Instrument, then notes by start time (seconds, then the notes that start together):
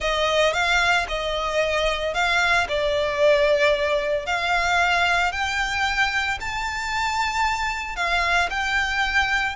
violin
0.00 D#5
0.53 F5
1.08 D#5
2.14 F5
2.68 D5
4.26 F5
5.32 G5
6.40 A5
7.96 F5
8.50 G5